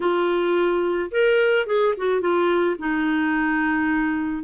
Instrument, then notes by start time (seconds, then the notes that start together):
clarinet
0.00 F4
1.11 A#4
1.66 G#4
1.97 F#4
2.20 F4
2.79 D#4